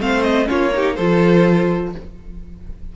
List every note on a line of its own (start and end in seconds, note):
0.00 0.48 A3
0.00 0.45 C4
0.00 0.49 C5
0.00 0.23 F5
0.23 0.47 D#5
0.45 0.98 A#3
0.45 0.70 C#4
0.45 0.73 F4
0.45 0.96 C#5
0.74 0.98 D#4
0.74 0.96 G4
0.96 1.95 F3
0.96 1.96 F4
0.96 1.93 A4
0.96 1.92 C5